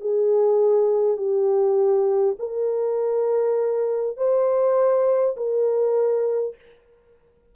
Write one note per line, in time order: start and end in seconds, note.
0.00 1.16 G#4
1.16 2.35 G4
2.39 4.17 A#4
4.17 5.35 C5
5.36 6.55 A#4